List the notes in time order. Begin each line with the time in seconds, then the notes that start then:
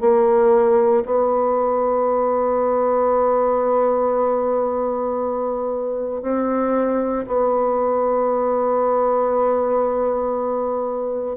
0.00 A#3
1.05 B3
6.22 C4
7.26 B3